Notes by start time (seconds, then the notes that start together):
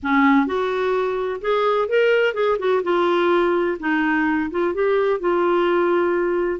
0.02 C#4
0.46 F#4
1.41 G#4
1.88 A#4
2.34 G#4
2.58 F#4
2.83 F4
3.79 D#4
4.51 F4
4.74 G4
5.20 F4